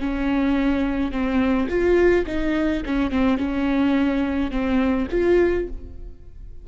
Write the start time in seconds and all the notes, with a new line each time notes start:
0.00 C#4
1.12 C4
1.69 F4
2.26 D#4
2.86 C#4
3.11 C4
3.38 C#4
4.51 C4
5.11 F4